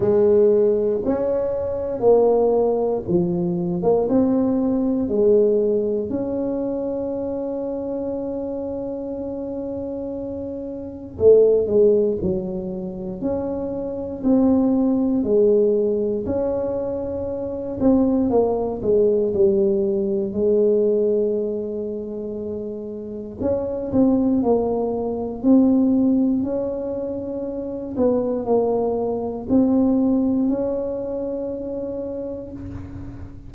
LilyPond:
\new Staff \with { instrumentName = "tuba" } { \time 4/4 \tempo 4 = 59 gis4 cis'4 ais4 f8. ais16 | c'4 gis4 cis'2~ | cis'2. a8 gis8 | fis4 cis'4 c'4 gis4 |
cis'4. c'8 ais8 gis8 g4 | gis2. cis'8 c'8 | ais4 c'4 cis'4. b8 | ais4 c'4 cis'2 | }